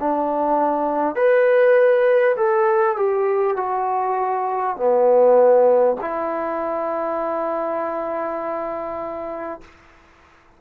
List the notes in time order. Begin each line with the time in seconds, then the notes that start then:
0.00 D4
1.16 B4
2.37 A4
2.97 G4
3.57 F#4
4.77 B3
6.01 E4